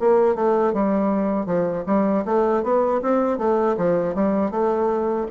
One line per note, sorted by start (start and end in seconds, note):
0.00 0.36 A#3
0.36 0.74 A3
0.74 1.46 G3
1.46 1.84 F3
1.86 2.24 G3
2.26 2.64 A3
2.64 3.02 B3
3.02 3.38 C4
3.38 3.76 A3
3.77 4.15 F3
4.15 4.51 G3
4.51 5.27 A3